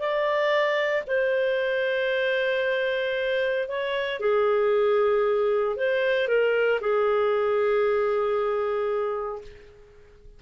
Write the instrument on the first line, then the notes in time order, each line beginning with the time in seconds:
clarinet
0.00 D5
1.08 C5
3.69 C#5
4.20 G#4
5.77 C5
6.28 A#4
6.81 G#4